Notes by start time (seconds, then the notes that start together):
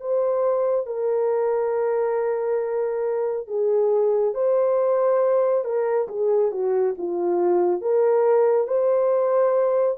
0.00 C5
0.86 A#4
3.47 G#4
4.34 C5
5.64 A#4
6.08 G#4
6.51 F#4
6.98 F4
7.81 A#4
8.67 C5